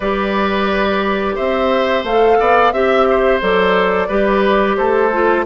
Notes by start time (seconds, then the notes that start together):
0.00 G3 G4 B4 D5
1.35 C4 C5 E5
2.03 A3 A4 F5
2.39 B3 D5
2.72 C4 G4 E5
3.10 C5
3.40 F#3 A4 D5
4.08 G3 G4 B4
4.76 A3 A4 C5
5.12 F4